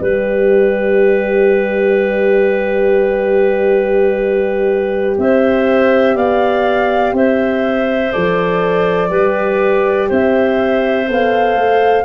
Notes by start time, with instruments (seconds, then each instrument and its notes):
0.00 tuba G3, horn G4, clarinet B4, flute D5
5.17 tuba C4, clarinet C5, flute E5
6.14 tuba B3, clarinet D5, flute F5
7.12 tuba C4, clarinet C5, flute E5
8.11 tuba F3, horn A4, flute D5
9.10 tuba G3, horn G4, clarinet B4
10.08 tuba C4, clarinet C5, flute E5
11.07 tuba B3, horn A4, flute F5
11.55 tuba A3